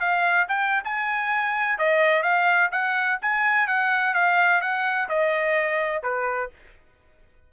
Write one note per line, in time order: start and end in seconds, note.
0.00 0.47 F5
0.48 0.84 G5
0.84 1.78 G#5
1.78 2.22 D#5
2.22 2.70 F5
2.71 3.19 F#5
3.21 3.67 G#5
3.67 4.14 F#5
4.14 4.61 F5
4.61 5.08 F#5
5.09 6.03 D#5
6.03 6.50 B4